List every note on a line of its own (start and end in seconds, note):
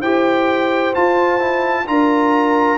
0.00 0.94 E4
0.00 0.94 G4
0.00 1.85 C5
0.00 0.94 G5
0.94 1.39 F4
0.94 1.88 F4
0.94 1.87 A5
1.39 1.85 E4
1.87 2.78 D4
1.87 2.78 F4
1.87 2.78 A#4
1.87 2.78 A#5